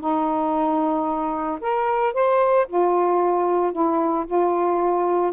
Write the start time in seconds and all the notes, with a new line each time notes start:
0.00 D#4
1.61 A#4
2.13 C5
2.67 F4
3.72 E4
4.26 F4